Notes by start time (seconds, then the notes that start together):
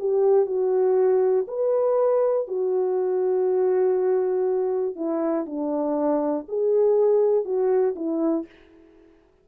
0.00 G4
0.47 F#4
1.48 B4
2.48 F#4
4.96 E4
5.47 D4
6.49 G#4
7.45 F#4
7.96 E4